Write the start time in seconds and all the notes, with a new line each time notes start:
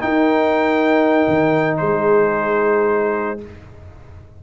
0.00 D#4 A#4 G5
1.28 D#3
1.77 G#3 G#4 C5